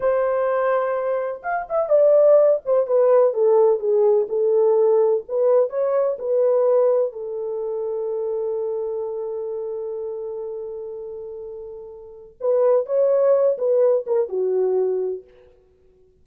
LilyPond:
\new Staff \with { instrumentName = "horn" } { \time 4/4 \tempo 4 = 126 c''2. f''8 e''8 | d''4. c''8 b'4 a'4 | gis'4 a'2 b'4 | cis''4 b'2 a'4~ |
a'1~ | a'1~ | a'2 b'4 cis''4~ | cis''8 b'4 ais'8 fis'2 | }